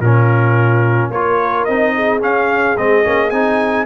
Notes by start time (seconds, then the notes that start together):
0.00 A#2 C#4 F4 A#4
1.10 A#3 F4 A#4 C#5
1.64 C4 D#4 D#5
1.95 G#4
2.21 C#4 F5
2.77 G#3 C4 D#5
3.04 A#3 C#4
3.30 C4 D#4 G#5